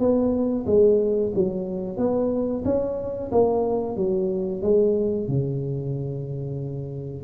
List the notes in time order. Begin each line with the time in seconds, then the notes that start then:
0.00 B3
0.67 G#3
1.35 F#3
1.98 B3
2.65 C#4
3.32 A#3
3.97 F#3
4.62 G#3
5.28 C#3